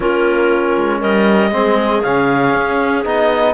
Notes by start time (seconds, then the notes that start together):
0.00 A#3 C#4 F4 A#4
0.77 G#3
1.00 G3 A#4 D#5
1.51 G#3 C4 G#4
2.02 C#3 C#4 F5
2.54 C#4
3.04 B3 D#4 D#5